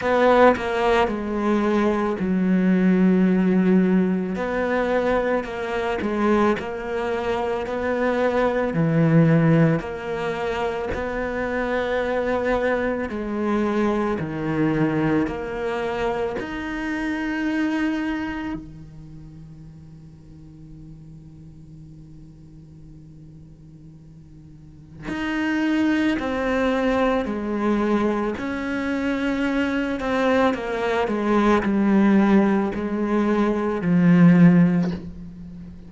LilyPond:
\new Staff \with { instrumentName = "cello" } { \time 4/4 \tempo 4 = 55 b8 ais8 gis4 fis2 | b4 ais8 gis8 ais4 b4 | e4 ais4 b2 | gis4 dis4 ais4 dis'4~ |
dis'4 dis2.~ | dis2. dis'4 | c'4 gis4 cis'4. c'8 | ais8 gis8 g4 gis4 f4 | }